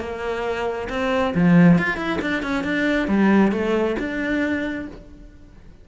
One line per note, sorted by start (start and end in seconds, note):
0.00 0.88 A#3
0.90 1.34 C4
1.35 1.78 F3
1.78 1.97 F4
1.97 2.19 E4
2.22 2.43 D4
2.43 2.64 C#4
2.64 3.08 D4
3.08 3.52 G3
3.52 3.96 A3
3.99 4.87 D4